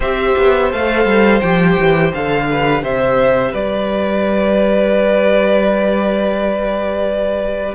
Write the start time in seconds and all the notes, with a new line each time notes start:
0.00 C4 G4 C5 E5
0.37 B3
0.71 A3 A4 F5
1.05 G3
1.41 F3 G4 G5
1.78 E3
2.14 D3 A4 F5
2.47 G4 B4
2.82 C3 C5 E5
3.52 G3 B4 D5